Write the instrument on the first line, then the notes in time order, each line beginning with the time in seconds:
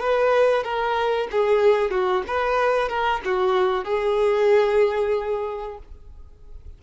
violin
0.00 B4
0.64 A#4
1.31 G#4
1.91 F#4
2.28 B4
2.89 A#4
3.25 F#4
3.84 G#4